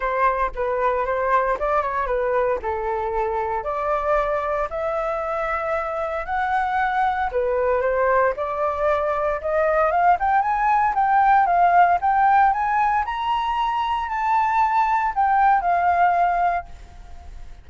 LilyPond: \new Staff \with { instrumentName = "flute" } { \time 4/4 \tempo 4 = 115 c''4 b'4 c''4 d''8 cis''8 | b'4 a'2 d''4~ | d''4 e''2. | fis''2 b'4 c''4 |
d''2 dis''4 f''8 g''8 | gis''4 g''4 f''4 g''4 | gis''4 ais''2 a''4~ | a''4 g''4 f''2 | }